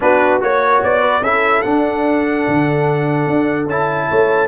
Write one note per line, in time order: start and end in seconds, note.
0.00 0.42 B3
0.00 0.40 D4
0.00 0.43 F#4
0.00 0.41 B4
0.40 0.83 A#3
0.40 1.22 F#4
0.40 0.83 C#5
0.40 1.00 C#5
0.83 1.20 B3
0.83 1.23 D5
1.00 1.20 B4
1.20 1.61 C#4
1.20 1.64 E4
1.20 4.08 A4
1.20 1.62 E5
1.62 3.68 D4
1.62 2.46 D4
1.62 3.66 F#5
2.47 3.26 D3
3.26 3.66 D4
3.66 4.07 C#4
3.66 4.48 E4
3.66 4.48 A5
4.08 4.48 A3
4.08 4.48 C#5